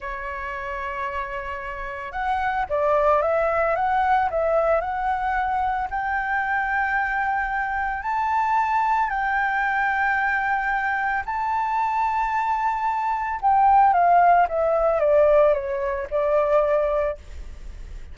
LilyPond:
\new Staff \with { instrumentName = "flute" } { \time 4/4 \tempo 4 = 112 cis''1 | fis''4 d''4 e''4 fis''4 | e''4 fis''2 g''4~ | g''2. a''4~ |
a''4 g''2.~ | g''4 a''2.~ | a''4 g''4 f''4 e''4 | d''4 cis''4 d''2 | }